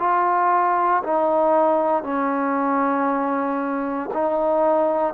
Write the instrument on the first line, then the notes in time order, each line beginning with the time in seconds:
trombone
0.00 F4
1.04 D#4
2.04 C#4
4.14 D#4